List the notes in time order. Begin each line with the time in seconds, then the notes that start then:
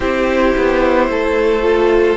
0.00 C4 E4 G4 C5
0.57 B3
1.08 A3 A4
1.62 F4